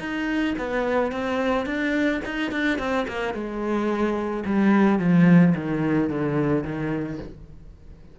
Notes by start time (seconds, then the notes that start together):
0.00 D#4
0.59 B3
1.12 C4
1.66 D4
2.25 D#4
2.52 D4
2.79 C4
3.08 A#3
3.34 G#3
4.46 G3
4.99 F3
5.55 D#3
6.10 D3
6.64 D#3